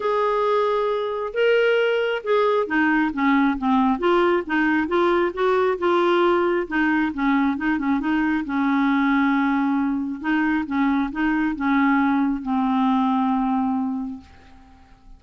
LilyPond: \new Staff \with { instrumentName = "clarinet" } { \time 4/4 \tempo 4 = 135 gis'2. ais'4~ | ais'4 gis'4 dis'4 cis'4 | c'4 f'4 dis'4 f'4 | fis'4 f'2 dis'4 |
cis'4 dis'8 cis'8 dis'4 cis'4~ | cis'2. dis'4 | cis'4 dis'4 cis'2 | c'1 | }